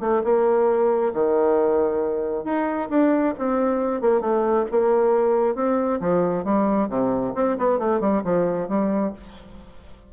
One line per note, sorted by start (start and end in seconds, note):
0.00 0.22 A3
0.24 1.13 A#3
1.14 2.44 D#3
2.44 2.89 D#4
2.89 3.34 D4
3.38 4.01 C4
4.01 4.21 A#3
4.21 4.65 A3
4.71 5.55 A#3
5.55 6.00 C4
6.00 6.44 F3
6.44 6.89 G3
6.89 7.34 C3
7.35 7.57 C4
7.58 7.79 B3
7.79 8.00 A3
8.00 8.22 G3
8.24 8.68 F3
8.68 9.13 G3